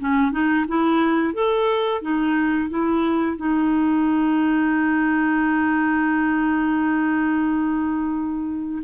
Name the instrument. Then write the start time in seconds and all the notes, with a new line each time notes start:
clarinet
0.00 C#4
0.31 D#4
0.68 E4
1.34 A4
2.01 D#4
2.70 E4
3.37 D#4